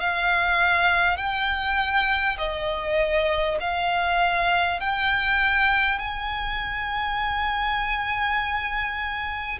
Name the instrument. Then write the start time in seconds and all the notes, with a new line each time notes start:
violin
0.00 F5
1.17 G5
2.38 D#5
3.60 F5
4.81 G5
5.99 G#5